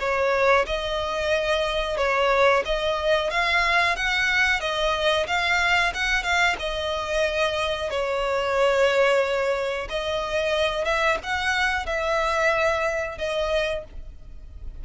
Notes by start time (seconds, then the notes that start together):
0.00 C#5
0.67 D#5
1.98 C#5
2.66 D#5
3.31 F5
3.96 F#5
4.61 D#5
5.27 F5
5.94 F#5
6.23 F5
6.60 D#5
7.91 C#5
9.90 D#5
10.85 E5
11.24 F#5
11.87 E5
13.18 D#5